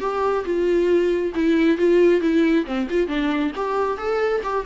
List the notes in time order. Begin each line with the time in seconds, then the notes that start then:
0.00 G4
0.45 F4
1.35 E4
1.77 F4
2.21 E4
2.65 C4
2.90 F4
3.07 D4
3.56 G4
3.97 A4
4.43 G4